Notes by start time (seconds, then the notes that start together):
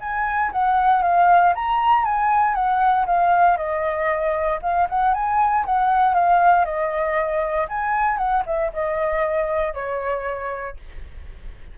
0.00 G#5
0.52 F#5
1.02 F5
1.55 A#5
2.04 G#5
2.54 F#5
3.06 F5
3.57 D#5
4.62 F5
4.89 F#5
5.14 G#5
5.65 F#5
6.14 F5
6.65 D#5
7.69 G#5
8.17 F#5
8.46 E5
8.73 D#5
9.74 C#5